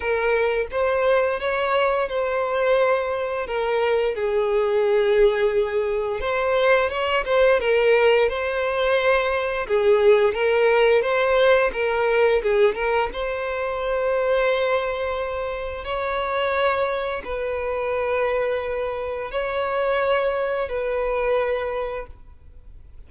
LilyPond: \new Staff \with { instrumentName = "violin" } { \time 4/4 \tempo 4 = 87 ais'4 c''4 cis''4 c''4~ | c''4 ais'4 gis'2~ | gis'4 c''4 cis''8 c''8 ais'4 | c''2 gis'4 ais'4 |
c''4 ais'4 gis'8 ais'8 c''4~ | c''2. cis''4~ | cis''4 b'2. | cis''2 b'2 | }